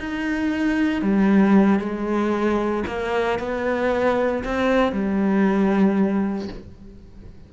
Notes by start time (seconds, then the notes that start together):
0.00 D#4
1.02 G3
1.80 G#3
2.87 A#3
3.39 B3
4.44 C4
4.93 G3